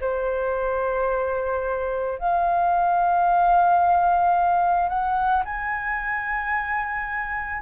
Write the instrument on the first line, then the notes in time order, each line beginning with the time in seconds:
flute
0.00 C5
2.19 F5
4.88 F#5
5.44 G#5